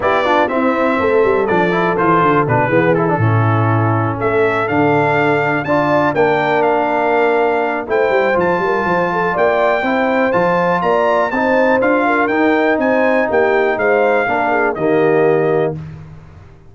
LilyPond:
<<
  \new Staff \with { instrumentName = "trumpet" } { \time 4/4 \tempo 4 = 122 d''4 e''2 d''4 | c''4 b'4 a'2~ | a'8 e''4 f''2 a''8~ | a''8 g''4 f''2~ f''8 |
g''4 a''2 g''4~ | g''4 a''4 ais''4 a''4 | f''4 g''4 gis''4 g''4 | f''2 dis''2 | }
  \new Staff \with { instrumentName = "horn" } { \time 4/4 g'8 f'8 e'4 a'2~ | a'4. gis'4 e'4.~ | e'8 a'2. d''8~ | d''8 ais'2.~ ais'8 |
c''4. ais'8 c''8 a'8 d''4 | c''2 d''4 c''4~ | c''8 ais'4. c''4 g'4 | c''4 ais'8 gis'8 g'2 | }
  \new Staff \with { instrumentName = "trombone" } { \time 4/4 e'8 d'8 c'2 d'8 e'8 | f'4 d'8 b8 e'16 d'16 cis'4.~ | cis'4. d'2 f'8~ | f'8 d'2.~ d'8 |
e'4 f'2. | e'4 f'2 dis'4 | f'4 dis'2.~ | dis'4 d'4 ais2 | }
  \new Staff \with { instrumentName = "tuba" } { \time 4/4 b4 c'4 a8 g8 f4 | e8 d8 b,8 e4 a,4.~ | a,8 a4 d2 d'8~ | d'8 ais2.~ ais8 |
a8 g8 f8 g8 f4 ais4 | c'4 f4 ais4 c'4 | d'4 dis'4 c'4 ais4 | gis4 ais4 dis2 | }
>>